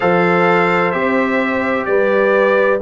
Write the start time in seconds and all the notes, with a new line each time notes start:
0.00 F3 A4 C5 F5
0.91 C4 G4 E5
1.85 G3 B4 D5